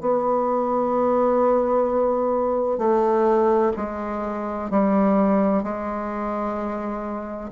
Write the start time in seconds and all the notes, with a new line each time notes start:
0.00 B3
2.78 A3
3.76 G#3
4.70 G3
5.63 G#3